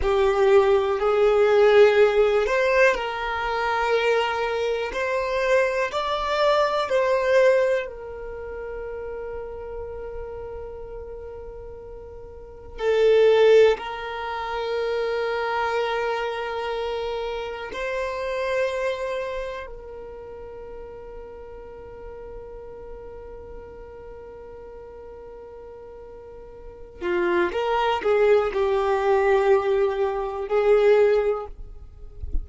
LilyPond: \new Staff \with { instrumentName = "violin" } { \time 4/4 \tempo 4 = 61 g'4 gis'4. c''8 ais'4~ | ais'4 c''4 d''4 c''4 | ais'1~ | ais'4 a'4 ais'2~ |
ais'2 c''2 | ais'1~ | ais'2.~ ais'8 f'8 | ais'8 gis'8 g'2 gis'4 | }